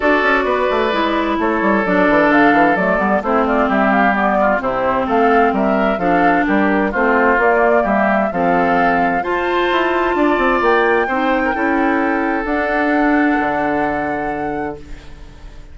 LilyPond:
<<
  \new Staff \with { instrumentName = "flute" } { \time 4/4 \tempo 4 = 130 d''2. cis''4 | d''4 f''4 d''4 c''8 d''8 | e''8 f''8 d''4 c''4 f''4 | e''4 f''4 ais'4 c''4 |
d''4 e''4 f''2 | a''2. g''4~ | g''2. fis''4~ | fis''1 | }
  \new Staff \with { instrumentName = "oboe" } { \time 4/4 a'4 b'2 a'4~ | a'2. e'8 f'8 | g'4. f'8 e'4 a'4 | ais'4 a'4 g'4 f'4~ |
f'4 g'4 a'2 | c''2 d''2 | c''8. ais'16 a'2.~ | a'1 | }
  \new Staff \with { instrumentName = "clarinet" } { \time 4/4 fis'2 e'2 | d'2 a8 b8 c'4~ | c'4 b4 c'2~ | c'4 d'2 c'4 |
ais2 c'2 | f'1 | dis'4 e'2 d'4~ | d'1 | }
  \new Staff \with { instrumentName = "bassoon" } { \time 4/4 d'8 cis'8 b8 a8 gis4 a8 g8 | fis8 e8 d8 e8 fis8 g8 a4 | g2 c4 a4 | g4 f4 g4 a4 |
ais4 g4 f2 | f'4 e'4 d'8 c'8 ais4 | c'4 cis'2 d'4~ | d'4 d2. | }
>>